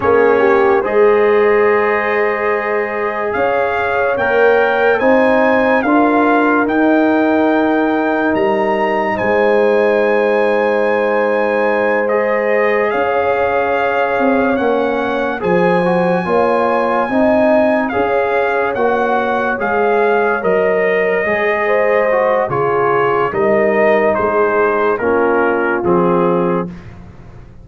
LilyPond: <<
  \new Staff \with { instrumentName = "trumpet" } { \time 4/4 \tempo 4 = 72 cis''4 dis''2. | f''4 g''4 gis''4 f''4 | g''2 ais''4 gis''4~ | gis''2~ gis''8 dis''4 f''8~ |
f''4. fis''4 gis''4.~ | gis''4. f''4 fis''4 f''8~ | f''8 dis''2~ dis''8 cis''4 | dis''4 c''4 ais'4 gis'4 | }
  \new Staff \with { instrumentName = "horn" } { \time 4/4 gis'8 g'8 c''2. | cis''2 c''4 ais'4~ | ais'2. c''4~ | c''2.~ c''8 cis''8~ |
cis''2~ cis''8 c''4 cis''8~ | cis''8 dis''4 cis''2~ cis''8~ | cis''2 c''4 gis'4 | ais'4 gis'4 f'2 | }
  \new Staff \with { instrumentName = "trombone" } { \time 4/4 cis'4 gis'2.~ | gis'4 ais'4 dis'4 f'4 | dis'1~ | dis'2~ dis'8 gis'4.~ |
gis'4. cis'4 gis'8 fis'8 f'8~ | f'8 dis'4 gis'4 fis'4 gis'8~ | gis'8 ais'4 gis'4 fis'8 f'4 | dis'2 cis'4 c'4 | }
  \new Staff \with { instrumentName = "tuba" } { \time 4/4 ais4 gis2. | cis'4 ais4 c'4 d'4 | dis'2 g4 gis4~ | gis2.~ gis8 cis'8~ |
cis'4 c'8 ais4 f4 ais8~ | ais8 c'4 cis'4 ais4 gis8~ | gis8 fis4 gis4. cis4 | g4 gis4 ais4 f4 | }
>>